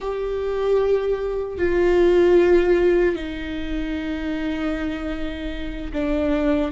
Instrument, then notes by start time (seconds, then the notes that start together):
viola
0.00 G4
1.58 F4
3.15 D#4
5.92 D4